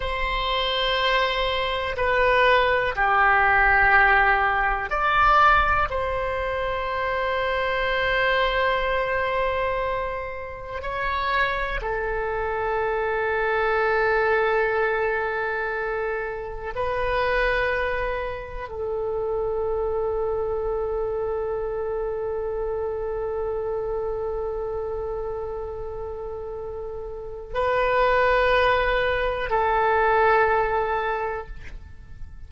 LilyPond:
\new Staff \with { instrumentName = "oboe" } { \time 4/4 \tempo 4 = 61 c''2 b'4 g'4~ | g'4 d''4 c''2~ | c''2. cis''4 | a'1~ |
a'4 b'2 a'4~ | a'1~ | a'1 | b'2 a'2 | }